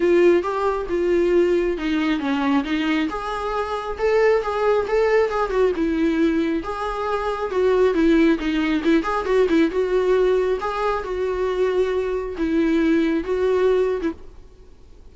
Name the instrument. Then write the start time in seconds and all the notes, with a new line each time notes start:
viola
0.00 F4
0.42 G4
0.89 F4
1.77 D#4
2.19 C#4
2.64 D#4
3.09 G#4
3.98 A4
4.42 G#4
4.87 A4
5.29 G#4
5.50 F#4
5.76 E4
6.63 G#4
7.50 F#4
7.94 E4
8.38 D#4
8.84 E4
9.03 G#4
9.25 F#4
9.49 E4
9.70 F#4
10.60 G#4
11.03 F#4
12.37 E4
13.24 F#4
14.01 E4